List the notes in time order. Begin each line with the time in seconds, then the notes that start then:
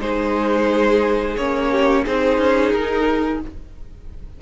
0.00 G#3 D#4 G#4 C5
1.37 A#3 C#4 C#5
1.71 G4
2.05 C4 D#4 G#4 C5
2.38 C#4
2.72 D#4 A#4